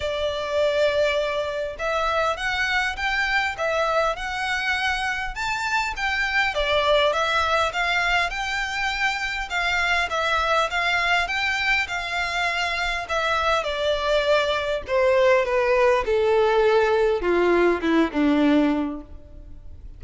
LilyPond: \new Staff \with { instrumentName = "violin" } { \time 4/4 \tempo 4 = 101 d''2. e''4 | fis''4 g''4 e''4 fis''4~ | fis''4 a''4 g''4 d''4 | e''4 f''4 g''2 |
f''4 e''4 f''4 g''4 | f''2 e''4 d''4~ | d''4 c''4 b'4 a'4~ | a'4 f'4 e'8 d'4. | }